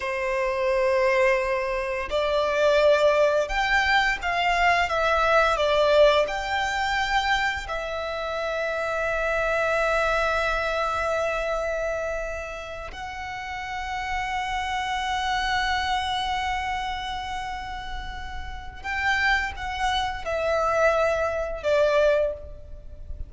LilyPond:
\new Staff \with { instrumentName = "violin" } { \time 4/4 \tempo 4 = 86 c''2. d''4~ | d''4 g''4 f''4 e''4 | d''4 g''2 e''4~ | e''1~ |
e''2~ e''8 fis''4.~ | fis''1~ | fis''2. g''4 | fis''4 e''2 d''4 | }